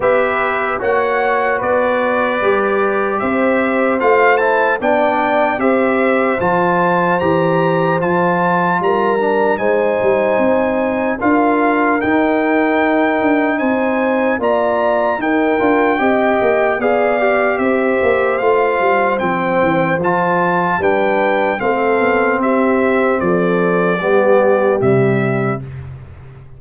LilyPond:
<<
  \new Staff \with { instrumentName = "trumpet" } { \time 4/4 \tempo 4 = 75 e''4 fis''4 d''2 | e''4 f''8 a''8 g''4 e''4 | a''4 ais''4 a''4 ais''4 | gis''2 f''4 g''4~ |
g''4 gis''4 ais''4 g''4~ | g''4 f''4 e''4 f''4 | g''4 a''4 g''4 f''4 | e''4 d''2 e''4 | }
  \new Staff \with { instrumentName = "horn" } { \time 4/4 b'4 cis''4 b'2 | c''2 d''4 c''4~ | c''2. ais'4 | c''2 ais'2~ |
ais'4 c''4 d''4 ais'4 | dis''4 d''4 c''2~ | c''2 b'4 a'4 | g'4 a'4 g'2 | }
  \new Staff \with { instrumentName = "trombone" } { \time 4/4 g'4 fis'2 g'4~ | g'4 f'8 e'8 d'4 g'4 | f'4 g'4 f'4. d'8 | dis'2 f'4 dis'4~ |
dis'2 f'4 dis'8 f'8 | g'4 gis'8 g'4. f'4 | c'4 f'4 d'4 c'4~ | c'2 b4 g4 | }
  \new Staff \with { instrumentName = "tuba" } { \time 4/4 b4 ais4 b4 g4 | c'4 a4 b4 c'4 | f4 e4 f4 g4 | gis8 g8 c'4 d'4 dis'4~ |
dis'8 d'8 c'4 ais4 dis'8 d'8 | c'8 ais8 b4 c'8 ais8 a8 g8 | f8 e8 f4 g4 a8 b8 | c'4 f4 g4 c4 | }
>>